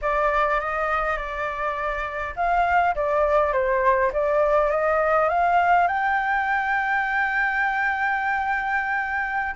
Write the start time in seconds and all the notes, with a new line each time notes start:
0.01 D5
0.60 D#5
1.17 D5
2.35 F5
2.95 D5
3.52 C5
4.12 D5
4.70 D#5
5.28 F5
5.87 G5